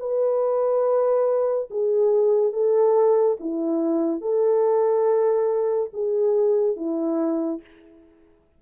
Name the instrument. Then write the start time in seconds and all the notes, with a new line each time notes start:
horn
0.00 B4
1.71 G#4
2.53 A4
3.40 E4
4.21 A4
5.93 G#4
6.76 E4